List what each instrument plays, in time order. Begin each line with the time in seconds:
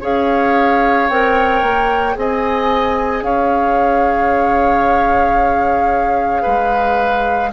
0.00 bassoon C#4, clarinet G#4, oboe C#5, flute F5
1.09 bassoon C4, clarinet A#4, flute G5
1.62 bassoon A#3
2.12 bassoon C4, clarinet G#4
2.19 oboe D#5, flute G#5
3.22 bassoon C#4, oboe C#5, flute F5
6.42 bassoon G#3, oboe B4